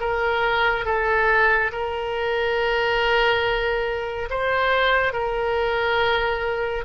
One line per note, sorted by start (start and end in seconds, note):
0.00 0.85 A#4
0.85 1.71 A4
1.72 4.29 A#4
4.30 5.13 C5
5.13 6.84 A#4